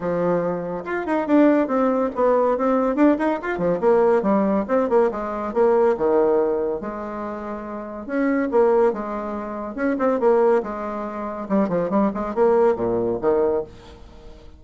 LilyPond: \new Staff \with { instrumentName = "bassoon" } { \time 4/4 \tempo 4 = 141 f2 f'8 dis'8 d'4 | c'4 b4 c'4 d'8 dis'8 | f'8 f8 ais4 g4 c'8 ais8 | gis4 ais4 dis2 |
gis2. cis'4 | ais4 gis2 cis'8 c'8 | ais4 gis2 g8 f8 | g8 gis8 ais4 ais,4 dis4 | }